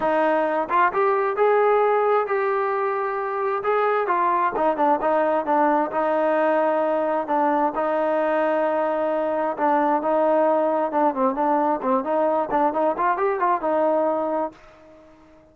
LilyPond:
\new Staff \with { instrumentName = "trombone" } { \time 4/4 \tempo 4 = 132 dis'4. f'8 g'4 gis'4~ | gis'4 g'2. | gis'4 f'4 dis'8 d'8 dis'4 | d'4 dis'2. |
d'4 dis'2.~ | dis'4 d'4 dis'2 | d'8 c'8 d'4 c'8 dis'4 d'8 | dis'8 f'8 g'8 f'8 dis'2 | }